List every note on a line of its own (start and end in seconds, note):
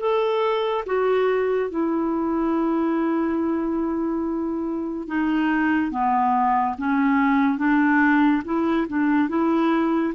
0.00 0.85 A4
0.86 1.70 F#4
1.70 5.08 E4
5.08 5.91 D#4
5.91 6.76 B3
6.78 7.58 C#4
7.58 8.43 D4
8.45 8.87 E4
8.88 9.29 D4
9.29 10.14 E4